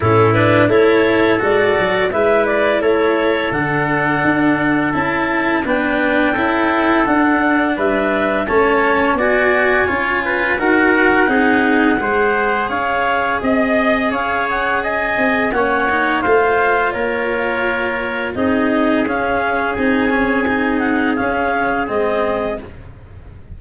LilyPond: <<
  \new Staff \with { instrumentName = "clarinet" } { \time 4/4 \tempo 4 = 85 a'8 b'8 cis''4 d''4 e''8 d''8 | cis''4 fis''2 a''4 | g''2 fis''4 e''4 | a''4 gis''2 fis''4~ |
fis''2 f''4 dis''4 | f''8 fis''8 gis''4 fis''4 f''4 | cis''2 dis''4 f''4 | gis''4. fis''8 f''4 dis''4 | }
  \new Staff \with { instrumentName = "trumpet" } { \time 4/4 e'4 a'2 b'4 | a'1 | b'4 a'2 b'4 | cis''4 d''4 cis''8 b'8 ais'4 |
gis'4 c''4 cis''4 dis''4 | cis''4 dis''4 cis''4 c''4 | ais'2 gis'2~ | gis'1 | }
  \new Staff \with { instrumentName = "cello" } { \time 4/4 cis'8 d'8 e'4 fis'4 e'4~ | e'4 d'2 e'4 | d'4 e'4 d'2 | cis'4 fis'4 f'4 fis'4 |
dis'4 gis'2.~ | gis'2 cis'8 dis'8 f'4~ | f'2 dis'4 cis'4 | dis'8 cis'8 dis'4 cis'4 c'4 | }
  \new Staff \with { instrumentName = "tuba" } { \time 4/4 a,4 a4 gis8 fis8 gis4 | a4 d4 d'4 cis'4 | b4 cis'4 d'4 g4 | a4 b4 cis'4 dis'4 |
c'4 gis4 cis'4 c'4 | cis'4. c'8 ais4 a4 | ais2 c'4 cis'4 | c'2 cis'4 gis4 | }
>>